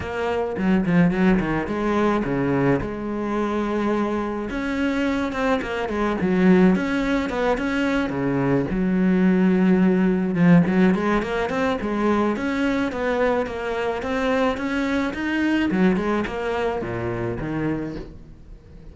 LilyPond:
\new Staff \with { instrumentName = "cello" } { \time 4/4 \tempo 4 = 107 ais4 fis8 f8 fis8 dis8 gis4 | cis4 gis2. | cis'4. c'8 ais8 gis8 fis4 | cis'4 b8 cis'4 cis4 fis8~ |
fis2~ fis8 f8 fis8 gis8 | ais8 c'8 gis4 cis'4 b4 | ais4 c'4 cis'4 dis'4 | fis8 gis8 ais4 ais,4 dis4 | }